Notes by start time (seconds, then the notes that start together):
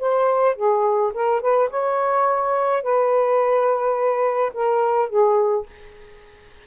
0.00 C5
0.56 G#4
1.14 A#4
1.42 B4
1.70 C#5
2.83 B4
4.54 A#4
5.09 G#4